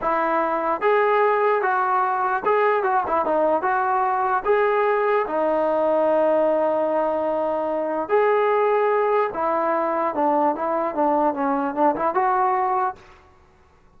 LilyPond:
\new Staff \with { instrumentName = "trombone" } { \time 4/4 \tempo 4 = 148 e'2 gis'2 | fis'2 gis'4 fis'8 e'8 | dis'4 fis'2 gis'4~ | gis'4 dis'2.~ |
dis'1 | gis'2. e'4~ | e'4 d'4 e'4 d'4 | cis'4 d'8 e'8 fis'2 | }